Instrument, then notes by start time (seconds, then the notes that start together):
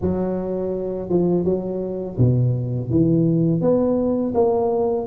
tuba
0.01 F#3
1.09 F3
1.44 F#3
2.18 B2
2.89 E3
3.61 B3
4.34 A#3